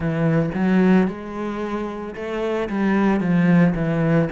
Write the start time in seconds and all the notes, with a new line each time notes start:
0.00 E3
0.54 F#3
1.07 G#3
2.15 A3
2.69 G3
3.20 F3
3.75 E3